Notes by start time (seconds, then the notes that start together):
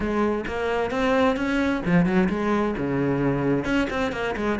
0.00 G#3
0.47 A#3
0.90 C4
1.36 C#4
1.85 F3
2.05 F#3
2.29 G#3
2.77 C#3
3.65 C#4
3.90 C4
4.12 A#3
4.36 G#3